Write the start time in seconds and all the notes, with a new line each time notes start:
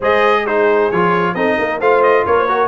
0.00 G#3 G#4 C5 D#5
0.44 D#4 G#4 C5
0.91 F3 F4 C#5
1.34 C4 D#4 A4 D#5
1.57 A#3 A#4
1.80 A3 F4 C5 F5
2.02 D#5
2.26 A#3 A#4 C#5
2.37 C5
2.46 F#4 A#4